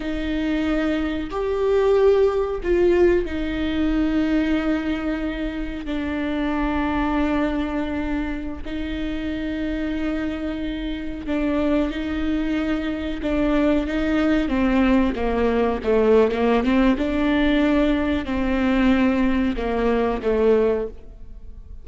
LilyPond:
\new Staff \with { instrumentName = "viola" } { \time 4/4 \tempo 4 = 92 dis'2 g'2 | f'4 dis'2.~ | dis'4 d'2.~ | d'4~ d'16 dis'2~ dis'8.~ |
dis'4~ dis'16 d'4 dis'4.~ dis'16~ | dis'16 d'4 dis'4 c'4 ais8.~ | ais16 a8. ais8 c'8 d'2 | c'2 ais4 a4 | }